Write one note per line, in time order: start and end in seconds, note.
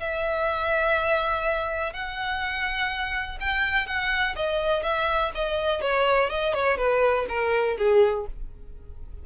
0.00 1.93 E5
1.93 3.38 F#5
3.40 3.86 G5
3.86 4.35 F#5
4.36 4.83 D#5
4.83 5.31 E5
5.35 5.81 D#5
5.81 6.29 C#5
6.30 6.54 D#5
6.54 6.77 C#5
6.77 7.26 B4
7.28 7.77 A#4
7.78 8.26 G#4